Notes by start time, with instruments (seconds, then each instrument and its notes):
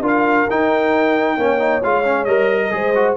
0.00 tuba D4, trombone F4, horn A#4
0.06 trumpet F5
0.50 tuba D#4, trombone D#4, trumpet G5
1.36 tuba A#3, trombone C#4, horn C#5
1.58 trombone D#4
1.83 tuba G#3, trombone F4, trumpet F5
2.04 trombone C#4
2.24 tuba G3, trombone A#4, trumpet D#5
2.62 horn A#4
2.70 tuba G#3, trombone G#4, horn C5
2.95 trombone F#4